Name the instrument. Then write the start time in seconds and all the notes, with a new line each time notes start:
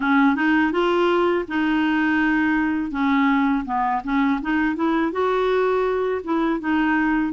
clarinet
0.00 C#4
0.35 D#4
0.72 F4
1.48 D#4
2.91 C#4
3.65 B3
4.03 C#4
4.41 D#4
4.75 E4
5.12 F#4
6.24 E4
6.60 D#4